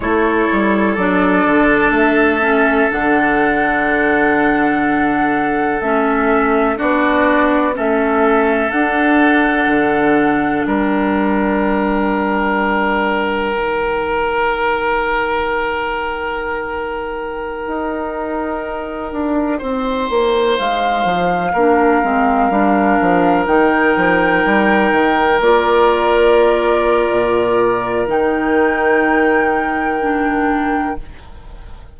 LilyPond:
<<
  \new Staff \with { instrumentName = "flute" } { \time 4/4 \tempo 4 = 62 cis''4 d''4 e''4 fis''4~ | fis''2 e''4 d''4 | e''4 fis''2 g''4~ | g''1~ |
g''1~ | g''4~ g''16 f''2~ f''8.~ | f''16 g''2 d''4.~ d''16~ | d''4 g''2. | }
  \new Staff \with { instrumentName = "oboe" } { \time 4/4 a'1~ | a'2. fis'4 | a'2. ais'4~ | ais'1~ |
ais'1~ | ais'16 c''2 ais'4.~ ais'16~ | ais'1~ | ais'1 | }
  \new Staff \with { instrumentName = "clarinet" } { \time 4/4 e'4 d'4. cis'8 d'4~ | d'2 cis'4 d'4 | cis'4 d'2.~ | d'2 dis'2~ |
dis'1~ | dis'2~ dis'16 d'8 c'8 d'8.~ | d'16 dis'2 f'4.~ f'16~ | f'4 dis'2 d'4 | }
  \new Staff \with { instrumentName = "bassoon" } { \time 4/4 a8 g8 fis8 d8 a4 d4~ | d2 a4 b4 | a4 d'4 d4 g4~ | g2 dis2~ |
dis2~ dis16 dis'4. d'16~ | d'16 c'8 ais8 gis8 f8 ais8 gis8 g8 f16~ | f16 dis8 f8 g8 dis8 ais4.~ ais16 | ais,4 dis2. | }
>>